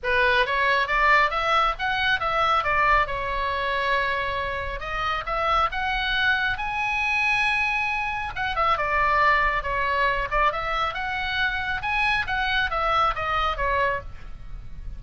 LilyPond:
\new Staff \with { instrumentName = "oboe" } { \time 4/4 \tempo 4 = 137 b'4 cis''4 d''4 e''4 | fis''4 e''4 d''4 cis''4~ | cis''2. dis''4 | e''4 fis''2 gis''4~ |
gis''2. fis''8 e''8 | d''2 cis''4. d''8 | e''4 fis''2 gis''4 | fis''4 e''4 dis''4 cis''4 | }